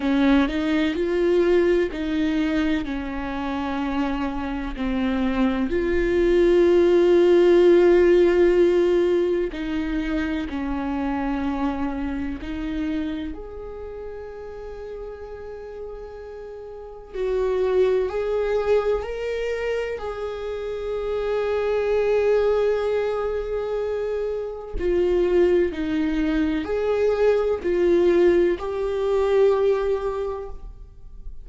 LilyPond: \new Staff \with { instrumentName = "viola" } { \time 4/4 \tempo 4 = 63 cis'8 dis'8 f'4 dis'4 cis'4~ | cis'4 c'4 f'2~ | f'2 dis'4 cis'4~ | cis'4 dis'4 gis'2~ |
gis'2 fis'4 gis'4 | ais'4 gis'2.~ | gis'2 f'4 dis'4 | gis'4 f'4 g'2 | }